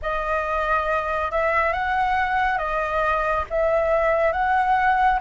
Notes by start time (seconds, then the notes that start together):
0.02 D#5
1.30 E5
1.72 F#5
2.58 D#5
3.50 E5
4.32 F#5